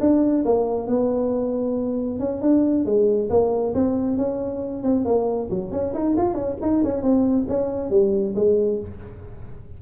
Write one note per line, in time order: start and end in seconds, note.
0.00 0.44 D4
0.45 0.87 A#3
0.87 2.19 B3
2.19 2.41 C#4
2.41 2.85 D4
2.85 3.29 G#3
3.29 3.74 A#3
3.74 4.17 C4
4.17 4.83 C#4
4.83 5.05 C4
5.05 5.49 A#3
5.50 5.71 F#3
5.71 5.93 C#4
5.93 6.15 D#4
6.17 6.34 F4
6.34 6.56 C#4
6.61 6.83 D#4
6.83 7.02 C#4
7.02 7.46 C4
7.48 7.90 C#4
7.90 8.34 G3
8.35 8.79 G#3